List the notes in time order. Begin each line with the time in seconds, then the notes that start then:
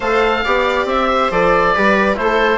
0.00 A3 A4 C5 F5
0.44 B3 G4 D5
0.85 C4 E5
1.09 C5
1.30 F3 A4 D5
1.74 G3 G4 B4
2.15 A3 E4 A4 C5